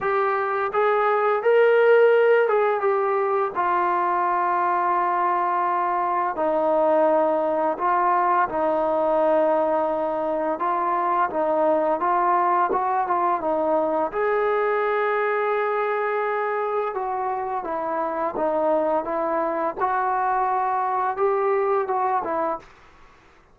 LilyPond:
\new Staff \with { instrumentName = "trombone" } { \time 4/4 \tempo 4 = 85 g'4 gis'4 ais'4. gis'8 | g'4 f'2.~ | f'4 dis'2 f'4 | dis'2. f'4 |
dis'4 f'4 fis'8 f'8 dis'4 | gis'1 | fis'4 e'4 dis'4 e'4 | fis'2 g'4 fis'8 e'8 | }